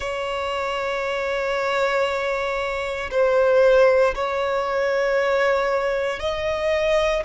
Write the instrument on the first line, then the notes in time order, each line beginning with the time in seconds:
violin
0.00 C#5
3.10 C5
4.14 C#5
6.19 D#5